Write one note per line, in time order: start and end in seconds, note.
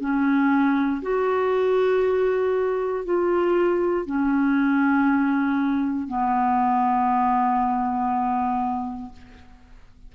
0.00 1.02 C#4
1.02 3.05 F#4
3.05 4.06 F4
4.06 6.07 C#4
6.07 9.12 B3